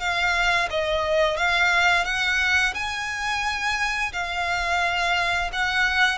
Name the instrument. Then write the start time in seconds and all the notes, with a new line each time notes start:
violin
0.00 F5
0.70 D#5
1.37 F5
2.05 F#5
2.75 G#5
4.13 F5
5.53 F#5